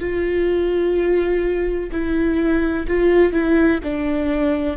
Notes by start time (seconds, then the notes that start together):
0.00 F4
1.92 E4
2.88 F4
3.32 E4
3.84 D4